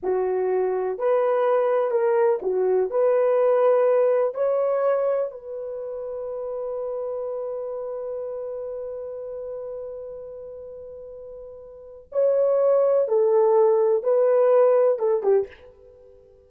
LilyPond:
\new Staff \with { instrumentName = "horn" } { \time 4/4 \tempo 4 = 124 fis'2 b'2 | ais'4 fis'4 b'2~ | b'4 cis''2 b'4~ | b'1~ |
b'1~ | b'1~ | b'4 cis''2 a'4~ | a'4 b'2 a'8 g'8 | }